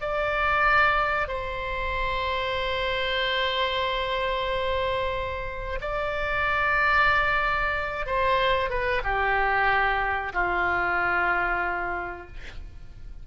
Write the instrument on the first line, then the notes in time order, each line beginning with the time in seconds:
oboe
0.00 D5
1.27 C5
5.81 D5
8.06 C5
8.69 B4
9.03 G4
10.33 F4